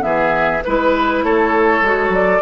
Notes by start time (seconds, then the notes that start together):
0.00 E3 B3 G#4 E5
0.63 G#3 E4 B4
1.23 A3 A4 C#5
1.81 G#3 F#4
2.09 F#3 D5